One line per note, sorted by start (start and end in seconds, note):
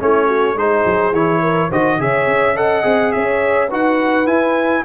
0.00 0.55 A3
0.00 0.56 C#4
0.00 0.27 E4
0.00 0.58 C#5
0.27 0.55 F#4
0.55 0.84 G#3
0.55 1.13 D#4
0.55 1.41 G#4
0.55 1.14 C5
0.85 1.12 F#3
1.12 1.69 E3
1.12 1.71 E4
1.12 1.71 C#5
1.41 1.68 A#4
1.68 1.99 D#3
1.68 1.99 F#4
1.68 1.97 C5
1.68 2.01 D#5
1.99 2.27 C#3
1.99 2.56 G#4
1.99 2.55 C#5
1.99 2.57 E5
2.27 2.84 C#4
2.55 2.83 A4
2.55 3.12 D#5
2.55 3.12 F#5
2.83 3.14 C4
2.83 3.69 G#4
3.12 3.72 C#4
3.12 3.69 C#5
3.12 3.69 E5
3.69 4.27 D#4
3.69 4.26 F#4
3.69 4.83 B4
3.69 4.27 F#5
4.26 4.83 E4
4.26 4.84 E4
4.26 4.84 G#5